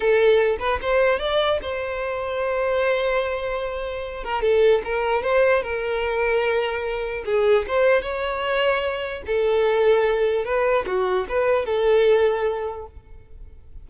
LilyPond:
\new Staff \with { instrumentName = "violin" } { \time 4/4 \tempo 4 = 149 a'4. b'8 c''4 d''4 | c''1~ | c''2~ c''8 ais'8 a'4 | ais'4 c''4 ais'2~ |
ais'2 gis'4 c''4 | cis''2. a'4~ | a'2 b'4 fis'4 | b'4 a'2. | }